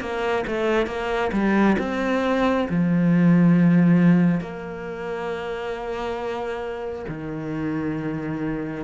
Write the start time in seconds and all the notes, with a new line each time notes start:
0.00 A#3
0.47 A3
0.87 A#3
1.32 G3
1.78 C4
2.69 F3
4.40 A#3
7.08 D#3